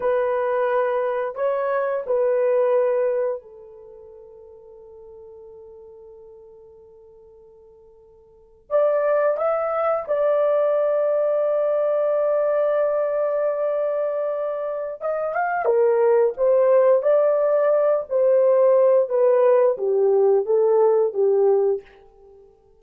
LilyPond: \new Staff \with { instrumentName = "horn" } { \time 4/4 \tempo 4 = 88 b'2 cis''4 b'4~ | b'4 a'2.~ | a'1~ | a'8. d''4 e''4 d''4~ d''16~ |
d''1~ | d''2 dis''8 f''8 ais'4 | c''4 d''4. c''4. | b'4 g'4 a'4 g'4 | }